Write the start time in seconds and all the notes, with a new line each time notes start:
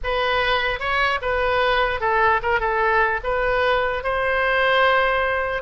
0.03 B4
0.79 C#5
1.21 B4
2.00 A4
2.42 A#4
2.60 A4
3.23 B4
4.03 C5